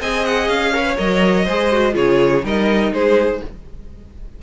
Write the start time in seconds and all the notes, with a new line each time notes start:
0.00 C4 G#4 D#5 G#5
0.25 F#5
0.48 C#4 F5
0.74 A#4 C#5
0.81 B4
0.97 F#3 A#4 D#5
1.45 G#3 G#4 C5
1.71 F#4
1.92 C#3 F4 G#4 C#5
2.43 G3 D#4 A#4 D#5
2.91 G#3 G#4 C5